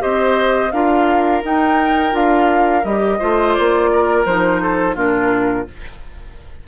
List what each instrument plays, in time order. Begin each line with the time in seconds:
0.00 bassoon C4, clarinet G4, oboe C5, flute D#5
0.72 bassoon D4, clarinet F4, oboe A#4, flute F5
1.43 clarinet D#4, bassoon D#4, flute G5
2.12 bassoon D4, clarinet F4, flute F5
2.84 bassoon G3, clarinet G4, flute D#5
3.19 bassoon A3, clarinet F4, oboe C5
3.54 bassoon A#3, flute D5
3.93 oboe A#4
4.26 bassoon F3, clarinet D#4, flute C5
4.62 oboe A4
4.96 bassoon A#2, clarinet D4, oboe F4, flute A#4